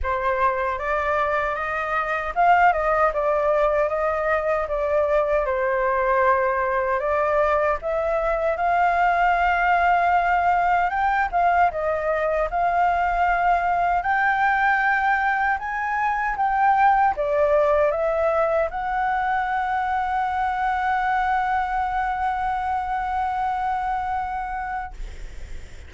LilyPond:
\new Staff \with { instrumentName = "flute" } { \time 4/4 \tempo 4 = 77 c''4 d''4 dis''4 f''8 dis''8 | d''4 dis''4 d''4 c''4~ | c''4 d''4 e''4 f''4~ | f''2 g''8 f''8 dis''4 |
f''2 g''2 | gis''4 g''4 d''4 e''4 | fis''1~ | fis''1 | }